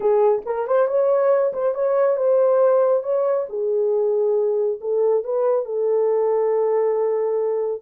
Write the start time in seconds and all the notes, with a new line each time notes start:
0.00 G#4
0.45 A#4
0.67 C5
0.87 C#5
1.53 C5
1.74 C#5
2.16 C5
3.03 C#5
3.49 G#4
4.80 A4
5.24 B4
5.65 A4